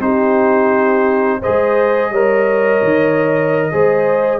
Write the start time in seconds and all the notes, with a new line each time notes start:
0.00 C4 D#4 G4 C5
1.41 G#4 C5 D#5
1.47 G#3
2.10 G3 A#4 C#5
2.83 D#3
3.72 G#3 G#4 C5